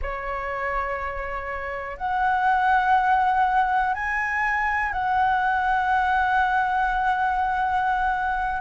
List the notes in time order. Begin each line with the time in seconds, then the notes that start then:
0.01 C#5
1.97 F#5
3.93 G#5
4.92 F#5